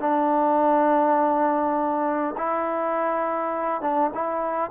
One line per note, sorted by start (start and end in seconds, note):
0.00 2.35 D4
2.38 3.82 E4
3.82 4.11 D4
4.14 4.71 E4